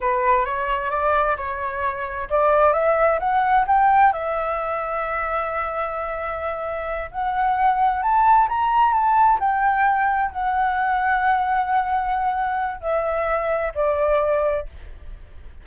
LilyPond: \new Staff \with { instrumentName = "flute" } { \time 4/4 \tempo 4 = 131 b'4 cis''4 d''4 cis''4~ | cis''4 d''4 e''4 fis''4 | g''4 e''2.~ | e''2.~ e''8 fis''8~ |
fis''4. a''4 ais''4 a''8~ | a''8 g''2 fis''4.~ | fis''1 | e''2 d''2 | }